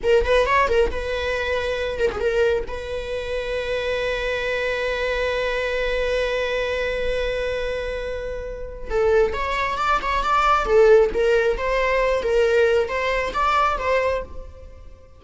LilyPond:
\new Staff \with { instrumentName = "viola" } { \time 4/4 \tempo 4 = 135 ais'8 b'8 cis''8 ais'8 b'2~ | b'8 ais'16 gis'16 ais'4 b'2~ | b'1~ | b'1~ |
b'1 | a'4 cis''4 d''8 cis''8 d''4 | a'4 ais'4 c''4. ais'8~ | ais'4 c''4 d''4 c''4 | }